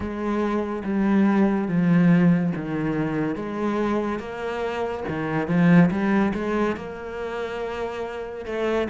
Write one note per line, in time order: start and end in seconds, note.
0.00 0.83 G#3
0.83 1.68 G3
1.68 2.52 F3
2.55 3.35 D#3
3.35 4.19 G#3
4.19 5.03 A#3
5.08 5.47 D#3
5.47 5.90 F3
5.90 6.33 G3
6.34 6.76 G#3
6.76 8.45 A#3
8.45 8.87 A3